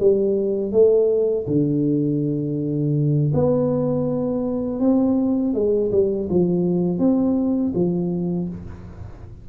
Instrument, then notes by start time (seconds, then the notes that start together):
tuba
0.00 G3
0.72 A3
1.47 D3
3.34 B3
4.80 C4
5.54 G#3
5.92 G3
6.29 F3
6.99 C4
7.74 F3